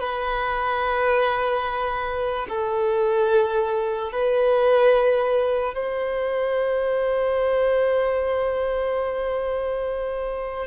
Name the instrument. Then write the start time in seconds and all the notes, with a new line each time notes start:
violin
0.00 B4
2.49 A4
4.12 B4
5.74 C5